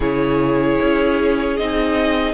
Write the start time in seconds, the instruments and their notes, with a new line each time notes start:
0.00 cello C#3, viola E4, violin G#4 C#5
0.81 cello C#4
1.56 cello C4, viola D#4, violin D#5